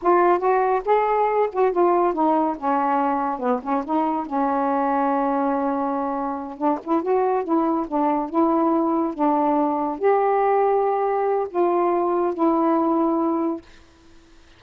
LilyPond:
\new Staff \with { instrumentName = "saxophone" } { \time 4/4 \tempo 4 = 141 f'4 fis'4 gis'4. fis'8 | f'4 dis'4 cis'2 | b8 cis'8 dis'4 cis'2~ | cis'2.~ cis'8 d'8 |
e'8 fis'4 e'4 d'4 e'8~ | e'4. d'2 g'8~ | g'2. f'4~ | f'4 e'2. | }